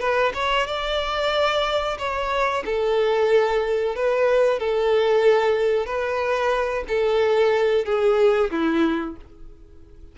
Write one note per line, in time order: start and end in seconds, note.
0.00 0.33 B4
0.34 0.67 C#5
0.67 1.97 D5
1.99 2.64 C#5
2.65 3.95 A4
3.95 4.59 B4
4.59 5.86 A4
5.86 6.84 B4
6.88 7.85 A4
7.85 8.50 G#4
8.51 9.16 E4